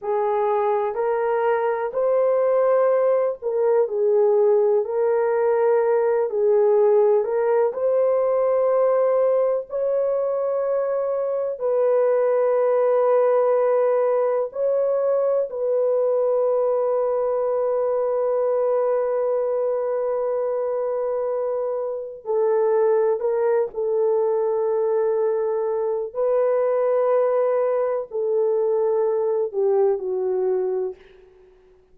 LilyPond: \new Staff \with { instrumentName = "horn" } { \time 4/4 \tempo 4 = 62 gis'4 ais'4 c''4. ais'8 | gis'4 ais'4. gis'4 ais'8 | c''2 cis''2 | b'2. cis''4 |
b'1~ | b'2. a'4 | ais'8 a'2~ a'8 b'4~ | b'4 a'4. g'8 fis'4 | }